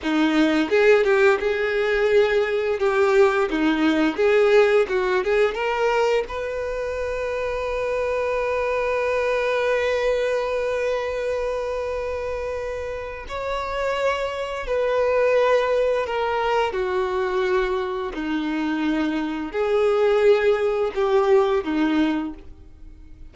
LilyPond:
\new Staff \with { instrumentName = "violin" } { \time 4/4 \tempo 4 = 86 dis'4 gis'8 g'8 gis'2 | g'4 dis'4 gis'4 fis'8 gis'8 | ais'4 b'2.~ | b'1~ |
b'2. cis''4~ | cis''4 b'2 ais'4 | fis'2 dis'2 | gis'2 g'4 dis'4 | }